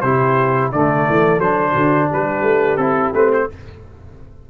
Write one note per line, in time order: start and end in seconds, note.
0.00 0.71 C3
0.00 0.72 E4
0.00 0.71 G4
0.00 0.69 C5
0.72 1.06 D3
0.72 1.41 A3
0.72 1.72 A4
0.72 1.40 D5
1.08 1.38 E3
1.38 1.72 F#3
1.38 2.79 D4
1.38 2.09 C5
1.72 2.08 D3
1.72 2.06 F#4
2.09 2.42 G3
2.09 3.47 G4
2.09 2.76 B4
2.42 2.76 A3
2.76 3.11 C4
2.76 3.14 E4
2.76 3.11 A4
3.13 3.47 A3
3.13 3.49 C4
3.13 3.31 B4
3.33 3.50 C5